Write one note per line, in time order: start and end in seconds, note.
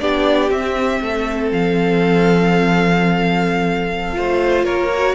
0.00 0.50 B3
0.00 0.51 D4
0.00 1.03 G4
0.00 0.50 D5
0.50 1.00 C4
0.50 4.14 C4
0.50 1.52 E5
1.01 1.52 A3
1.01 4.18 A4
1.52 4.16 F3
1.52 4.65 F5
4.14 4.65 A3
4.14 4.89 F4
4.14 4.65 C5
4.65 5.15 A#3
4.65 5.16 A#4
4.65 5.16 C#5
4.94 5.16 F#4